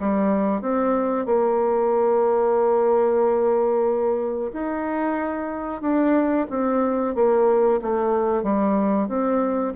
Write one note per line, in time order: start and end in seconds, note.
0.00 0.62 G3
0.62 1.26 C4
1.26 4.52 A#3
4.53 5.82 D#4
5.82 6.47 D4
6.50 7.15 C4
7.15 7.81 A#3
7.82 8.43 A3
8.43 9.09 G3
9.09 9.74 C4